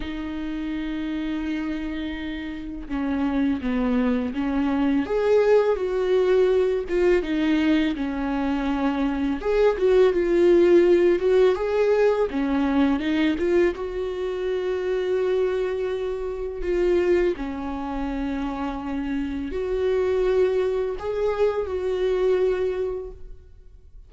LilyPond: \new Staff \with { instrumentName = "viola" } { \time 4/4 \tempo 4 = 83 dis'1 | cis'4 b4 cis'4 gis'4 | fis'4. f'8 dis'4 cis'4~ | cis'4 gis'8 fis'8 f'4. fis'8 |
gis'4 cis'4 dis'8 f'8 fis'4~ | fis'2. f'4 | cis'2. fis'4~ | fis'4 gis'4 fis'2 | }